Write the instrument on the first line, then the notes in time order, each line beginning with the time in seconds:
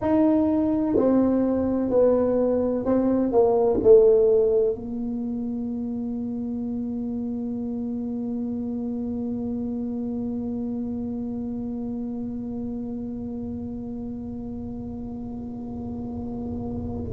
tuba
0.01 D#4
0.96 C4
1.90 B3
2.85 C4
3.32 A#3
3.83 A3
4.74 A#3